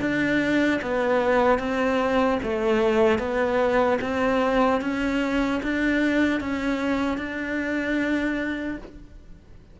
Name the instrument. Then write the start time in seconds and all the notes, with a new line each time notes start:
cello
0.00 D4
0.81 B3
1.59 C4
2.42 A3
3.18 B3
4.01 C4
4.81 C#4
5.63 D4
6.40 C#4
7.17 D4